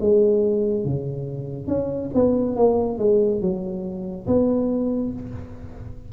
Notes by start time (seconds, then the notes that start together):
0.00 G#3
0.85 C#3
1.67 C#4
2.14 B3
2.56 A#3
2.98 G#3
3.41 F#3
4.27 B3